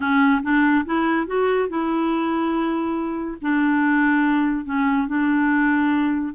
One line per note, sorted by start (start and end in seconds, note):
0.00 0.41 C#4
0.42 0.85 D4
0.85 1.26 E4
1.26 1.68 F#4
1.68 3.37 E4
3.41 4.65 D4
4.65 5.07 C#4
5.07 6.34 D4